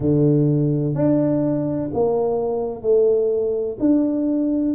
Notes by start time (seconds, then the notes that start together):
0.00 D3
0.94 D4
1.93 A#3
2.81 A3
3.79 D4